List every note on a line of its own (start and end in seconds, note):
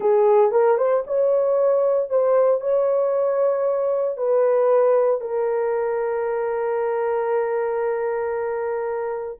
0.00 0.51 G#4
0.51 0.77 A#4
0.77 1.03 C5
1.06 2.09 C#5
2.09 2.60 C5
2.60 4.17 C#5
4.17 5.20 B4
5.20 9.38 A#4